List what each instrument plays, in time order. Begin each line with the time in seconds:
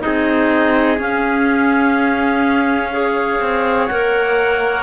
0.00 cello C4, clarinet D#4 D#5, trumpet G#4
0.98 cello C#4, clarinet C#4 F5
2.92 clarinet G#4, trumpet C#5
3.41 cello C4
3.87 cello A#3, clarinet A#4 F#5